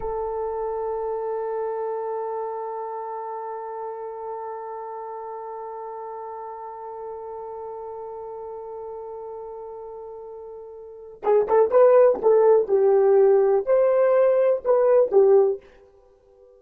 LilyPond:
\new Staff \with { instrumentName = "horn" } { \time 4/4 \tempo 4 = 123 a'1~ | a'1~ | a'1~ | a'1~ |
a'1~ | a'2. gis'8 a'8 | b'4 a'4 g'2 | c''2 b'4 g'4 | }